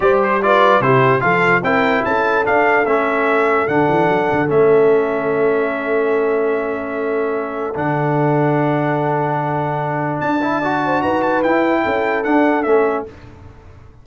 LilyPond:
<<
  \new Staff \with { instrumentName = "trumpet" } { \time 4/4 \tempo 4 = 147 d''8 c''8 d''4 c''4 f''4 | g''4 a''4 f''4 e''4~ | e''4 fis''2 e''4~ | e''1~ |
e''2. fis''4~ | fis''1~ | fis''4 a''2 ais''8 a''8 | g''2 fis''4 e''4 | }
  \new Staff \with { instrumentName = "horn" } { \time 4/4 c''4 b'4 g'4 a'4 | ais'4 a'2.~ | a'1~ | a'1~ |
a'1~ | a'1~ | a'2 d''8 c''8 b'4~ | b'4 a'2. | }
  \new Staff \with { instrumentName = "trombone" } { \time 4/4 g'4 f'4 e'4 f'4 | e'2 d'4 cis'4~ | cis'4 d'2 cis'4~ | cis'1~ |
cis'2. d'4~ | d'1~ | d'4. e'8 fis'2 | e'2 d'4 cis'4 | }
  \new Staff \with { instrumentName = "tuba" } { \time 4/4 g2 c4 f4 | c'4 cis'4 d'4 a4~ | a4 d8 e8 fis8 d8 a4~ | a1~ |
a2. d4~ | d1~ | d4 d'2 dis'4 | e'4 cis'4 d'4 a4 | }
>>